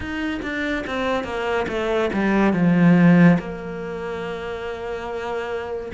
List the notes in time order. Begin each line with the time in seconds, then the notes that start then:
0.00 D#4
0.42 D4
0.86 C4
1.24 A#3
1.67 A3
2.13 G3
2.53 F3
3.38 A#3